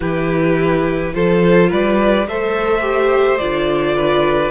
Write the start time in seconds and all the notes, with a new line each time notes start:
0.00 E3 E4 G4 B4
1.13 F3 F4 A4 C5
1.69 G3 B4 D5
2.27 A3 A4 C5 E5
2.80 G4
3.37 D3 F4 D5
3.96 B4